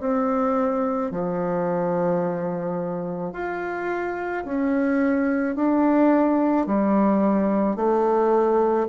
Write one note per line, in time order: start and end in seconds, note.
0.00 1.11 C4
1.11 3.33 F3
3.33 4.44 F4
4.45 5.56 C#4
5.56 6.66 D4
6.66 7.76 G3
7.76 8.87 A3